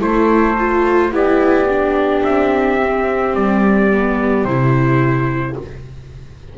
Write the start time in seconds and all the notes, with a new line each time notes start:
0.00 A3 E4 A4 C5
0.58 F4
1.09 B3 E4 G4 D5
1.69 D4
2.24 C4 E5
2.83 C4
3.34 G3 D5
3.91 B3
4.45 C3 E4 C5